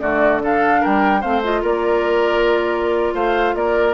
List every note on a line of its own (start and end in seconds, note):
0.00 0.82 D3
0.00 0.41 A3
0.00 0.42 F#4
0.00 0.41 D5
0.41 1.22 D4
0.41 0.80 A4
0.41 0.84 F5
0.80 1.24 G3
0.80 1.20 A#4
0.80 1.21 G5
1.20 1.62 A3
1.20 1.42 C4
1.20 1.61 C5
1.20 1.42 F5
1.43 3.94 F4
1.43 1.63 D#5
1.61 3.14 A#3
1.61 3.13 A#4
1.61 3.14 D5
3.14 3.54 A3
3.14 3.54 C5
3.14 3.55 F5
3.54 3.94 A#3
3.54 3.94 A#4
3.54 3.94 D5